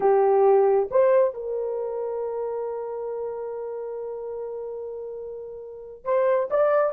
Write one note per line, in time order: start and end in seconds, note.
0.00 0.88 G4
0.90 1.34 C5
1.34 6.04 A#4
6.04 6.49 C5
6.50 6.93 D5